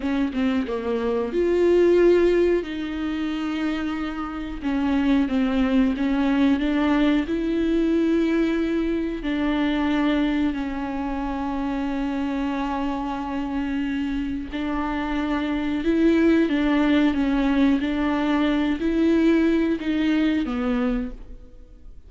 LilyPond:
\new Staff \with { instrumentName = "viola" } { \time 4/4 \tempo 4 = 91 cis'8 c'8 ais4 f'2 | dis'2. cis'4 | c'4 cis'4 d'4 e'4~ | e'2 d'2 |
cis'1~ | cis'2 d'2 | e'4 d'4 cis'4 d'4~ | d'8 e'4. dis'4 b4 | }